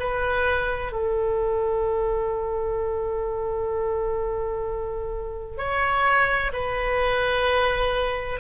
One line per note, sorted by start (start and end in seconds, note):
0.00 0.92 B4
0.92 5.58 A4
5.58 6.52 C#5
6.53 8.40 B4